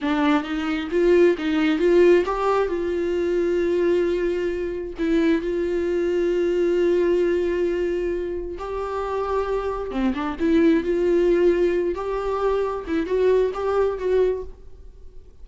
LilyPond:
\new Staff \with { instrumentName = "viola" } { \time 4/4 \tempo 4 = 133 d'4 dis'4 f'4 dis'4 | f'4 g'4 f'2~ | f'2. e'4 | f'1~ |
f'2. g'4~ | g'2 c'8 d'8 e'4 | f'2~ f'8 g'4.~ | g'8 e'8 fis'4 g'4 fis'4 | }